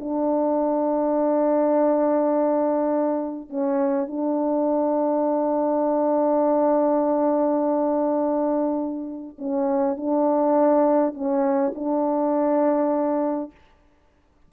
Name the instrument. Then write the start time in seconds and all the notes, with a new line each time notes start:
horn
0.00 D4
3.50 C#4
4.07 D4
9.39 C#4
9.97 D4
11.14 C#4
11.75 D4